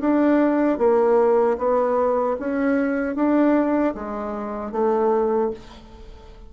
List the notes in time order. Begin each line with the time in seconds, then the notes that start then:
0.00 D4
0.78 A#3
1.58 B3
2.39 C#4
3.15 D4
3.94 G#3
4.72 A3